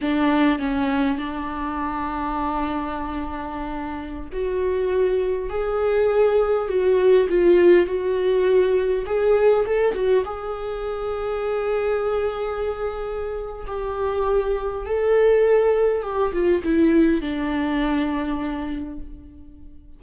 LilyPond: \new Staff \with { instrumentName = "viola" } { \time 4/4 \tempo 4 = 101 d'4 cis'4 d'2~ | d'2.~ d'16 fis'8.~ | fis'4~ fis'16 gis'2 fis'8.~ | fis'16 f'4 fis'2 gis'8.~ |
gis'16 a'8 fis'8 gis'2~ gis'8.~ | gis'2. g'4~ | g'4 a'2 g'8 f'8 | e'4 d'2. | }